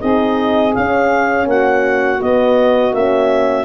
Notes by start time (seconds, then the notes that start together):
0.00 C4 D#4 G#4 D#5
0.74 C#4 F5
1.46 A#3 F#4 F#5
2.20 B3 D#5
2.92 A#3 C#4 E5